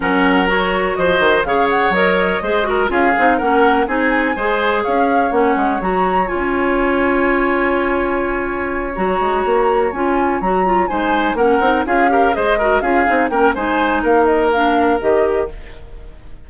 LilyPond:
<<
  \new Staff \with { instrumentName = "flute" } { \time 4/4 \tempo 4 = 124 fis''4 cis''4 dis''4 f''8 fis''8 | dis''2 f''4 fis''4 | gis''2 f''4 fis''4 | ais''4 gis''2.~ |
gis''2~ gis''8 ais''4.~ | ais''8 gis''4 ais''4 gis''4 fis''8~ | fis''8 f''4 dis''4 f''4 g''8 | gis''4 f''8 dis''8 f''4 dis''4 | }
  \new Staff \with { instrumentName = "oboe" } { \time 4/4 ais'2 c''4 cis''4~ | cis''4 c''8 ais'8 gis'4 ais'4 | gis'4 c''4 cis''2~ | cis''1~ |
cis''1~ | cis''2~ cis''8 c''4 ais'8~ | ais'8 gis'8 ais'8 c''8 ais'8 gis'4 ais'8 | c''4 ais'2. | }
  \new Staff \with { instrumentName = "clarinet" } { \time 4/4 cis'4 fis'2 gis'4 | ais'4 gis'8 fis'8 f'8 dis'8 cis'4 | dis'4 gis'2 cis'4 | fis'4 f'2.~ |
f'2~ f'8 fis'4.~ | fis'8 f'4 fis'8 f'8 dis'4 cis'8 | dis'8 f'8 g'8 gis'8 fis'8 f'8 dis'8 cis'8 | dis'2 d'4 g'4 | }
  \new Staff \with { instrumentName = "bassoon" } { \time 4/4 fis2 f8 dis8 cis4 | fis4 gis4 cis'8 c'8 ais4 | c'4 gis4 cis'4 ais8 gis8 | fis4 cis'2.~ |
cis'2~ cis'8 fis8 gis8 ais8~ | ais8 cis'4 fis4 gis4 ais8 | c'8 cis'4 gis4 cis'8 c'8 ais8 | gis4 ais2 dis4 | }
>>